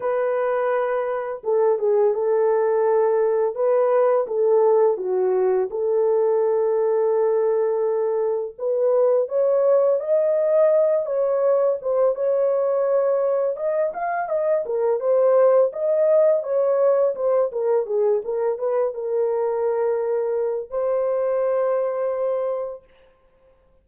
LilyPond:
\new Staff \with { instrumentName = "horn" } { \time 4/4 \tempo 4 = 84 b'2 a'8 gis'8 a'4~ | a'4 b'4 a'4 fis'4 | a'1 | b'4 cis''4 dis''4. cis''8~ |
cis''8 c''8 cis''2 dis''8 f''8 | dis''8 ais'8 c''4 dis''4 cis''4 | c''8 ais'8 gis'8 ais'8 b'8 ais'4.~ | ais'4 c''2. | }